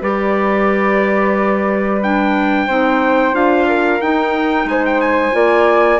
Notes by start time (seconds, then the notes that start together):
0.00 G3 G4 B4 D5
2.02 D4 G5
2.67 C4 D#4 C5
3.33 D4 F4 F5
3.68 A#4
4.01 D#4 G5
4.65 G#3 C5 G#5
4.86 G5
5.01 G#5
5.32 A#3 F4 D5